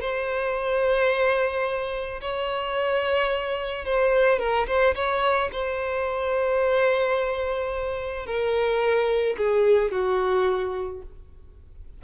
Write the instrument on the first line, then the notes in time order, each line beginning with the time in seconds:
violin
0.00 C5
2.20 C#5
3.85 C5
4.39 A#4
4.67 C5
4.95 C#5
5.52 C5
8.26 A#4
9.37 G#4
9.91 F#4